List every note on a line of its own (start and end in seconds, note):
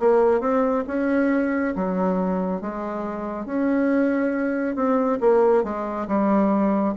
0.00 0.41 A#3
0.41 0.85 C4
0.88 1.75 C#4
1.76 2.62 F#3
2.62 3.46 G#3
3.46 4.76 C#4
4.76 5.19 C4
5.21 5.64 A#3
5.64 6.08 G#3
6.08 6.95 G3